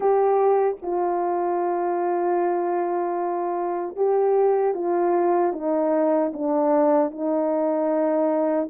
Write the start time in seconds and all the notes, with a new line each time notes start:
0.00 G4
0.82 F4
3.96 G4
4.74 F4
5.53 D#4
6.33 D4
7.11 D#4